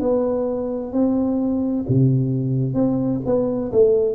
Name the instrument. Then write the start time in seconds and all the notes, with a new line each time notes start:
tuba
0.00 B3
0.92 C4
1.88 C3
2.74 C4
3.26 B3
3.72 A3